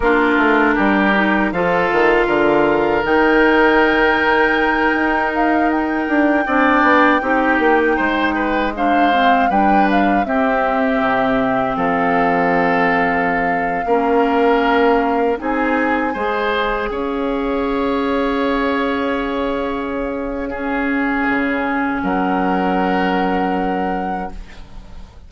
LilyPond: <<
  \new Staff \with { instrumentName = "flute" } { \time 4/4 \tempo 4 = 79 ais'2 f''2 | g''2. f''8 g''8~ | g''2.~ g''8 f''8~ | f''8 g''8 f''8 e''2 f''8~ |
f''1~ | f''16 gis''2 f''4.~ f''16~ | f''1~ | f''4 fis''2. | }
  \new Staff \with { instrumentName = "oboe" } { \time 4/4 f'4 g'4 a'4 ais'4~ | ais'1~ | ais'8 d''4 g'4 c''8 b'8 c''8~ | c''8 b'4 g'2 a'8~ |
a'2~ a'16 ais'4.~ ais'16~ | ais'16 gis'4 c''4 cis''4.~ cis''16~ | cis''2. gis'4~ | gis'4 ais'2. | }
  \new Staff \with { instrumentName = "clarinet" } { \time 4/4 d'4. dis'8 f'2 | dis'1~ | dis'8 d'4 dis'2 d'8 | c'8 d'4 c'2~ c'8~ |
c'2~ c'16 cis'4.~ cis'16~ | cis'16 dis'4 gis'2~ gis'8.~ | gis'2. cis'4~ | cis'1 | }
  \new Staff \with { instrumentName = "bassoon" } { \time 4/4 ais8 a8 g4 f8 dis8 d4 | dis2~ dis8 dis'4. | d'8 c'8 b8 c'8 ais8 gis4.~ | gis8 g4 c'4 c4 f8~ |
f2~ f16 ais4.~ ais16~ | ais16 c'4 gis4 cis'4.~ cis'16~ | cis'1 | cis4 fis2. | }
>>